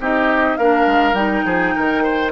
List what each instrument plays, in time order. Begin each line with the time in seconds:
0.00 bassoon C4, clarinet D#4, oboe G4, flute D#5
0.57 bassoon A#3, clarinet D4, oboe A#4, flute F5
0.86 bassoon G#3
1.13 bassoon G3, clarinet D#4, flute G5
1.46 bassoon F3, oboe G#4
1.76 bassoon D#3, oboe A#4
2.04 oboe C5